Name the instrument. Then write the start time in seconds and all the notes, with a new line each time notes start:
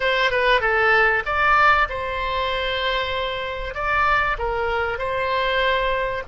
oboe
0.00 C5
0.30 B4
0.61 A4
1.25 D5
1.89 C5
3.74 D5
4.38 A#4
4.98 C5